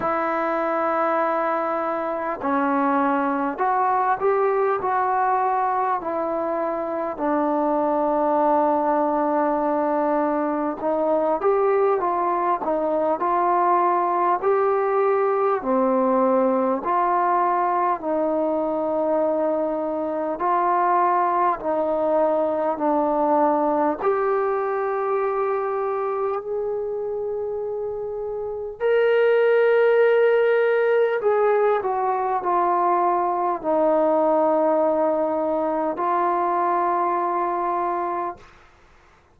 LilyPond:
\new Staff \with { instrumentName = "trombone" } { \time 4/4 \tempo 4 = 50 e'2 cis'4 fis'8 g'8 | fis'4 e'4 d'2~ | d'4 dis'8 g'8 f'8 dis'8 f'4 | g'4 c'4 f'4 dis'4~ |
dis'4 f'4 dis'4 d'4 | g'2 gis'2 | ais'2 gis'8 fis'8 f'4 | dis'2 f'2 | }